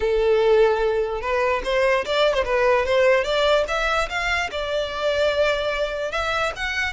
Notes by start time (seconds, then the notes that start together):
0.00 A4
1.21 B4
1.64 C5
2.05 D5
2.34 C5
2.44 B4
2.85 C5
3.24 D5
3.68 E5
4.09 F5
4.51 D5
6.11 E5
6.56 F#5